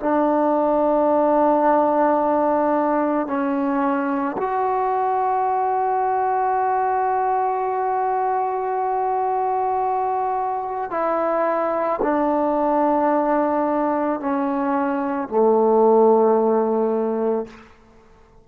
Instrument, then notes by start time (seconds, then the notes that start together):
trombone
0.00 D4
3.27 C#4
4.37 F#4
10.91 E4
12.02 D4
14.21 C#4
15.29 A3